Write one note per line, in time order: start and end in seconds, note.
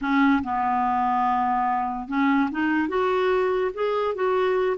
0.01 0.42 C#4
0.43 2.08 B3
2.08 2.49 C#4
2.51 2.88 D#4
2.88 3.71 F#4
3.74 4.14 G#4
4.14 4.76 F#4